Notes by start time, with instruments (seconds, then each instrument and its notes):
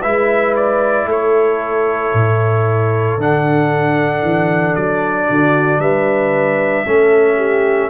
0.00 tuba G#3, trombone E4, horn B4, trumpet E5
0.55 trumpet D5
1.05 tuba A3, horn A4, trumpet C#5
2.13 tuba A2
3.17 tuba D3, trombone D4, trumpet F#5
4.21 tuba E3
4.75 tuba F#3, trumpet D5
5.29 tuba D3, horn F#4
5.79 tuba G3, horn B4, trumpet E5
6.86 tuba A3, trombone C#4, horn A4
7.36 horn G4